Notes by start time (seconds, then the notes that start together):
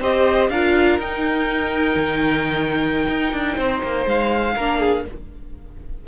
0.00 C4 G4 C5 D#5
0.49 D4 F4 A#4 F5
0.98 D#4 G5
1.95 D#3
3.08 D#4
3.32 D4
3.56 C4 C5
3.83 A#3
4.06 G#3 F5
4.54 A#3 D4 A#4
4.79 G#4